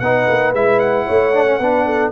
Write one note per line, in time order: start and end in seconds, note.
0.00 0.27 B3
0.00 0.55 D#4
0.00 1.06 B4
0.00 0.53 F#5
0.28 0.53 A#3
0.53 1.07 G#3
0.53 1.33 E4
0.53 0.80 E5
0.80 2.12 F#5
1.06 1.59 A3
1.06 1.60 C#5
1.33 1.46 D4
1.46 1.59 C#4
1.59 2.12 B3
1.59 2.12 D4
1.59 1.86 B4
1.86 2.12 A4